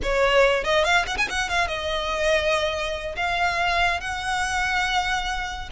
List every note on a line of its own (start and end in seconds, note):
0.02 0.63 C#5
0.63 0.84 D#5
0.84 1.05 F5
1.06 1.17 F#5
1.17 1.28 G#5
1.29 1.49 F#5
1.49 1.67 F5
1.67 3.15 D#5
3.16 4.00 F5
4.00 5.69 F#5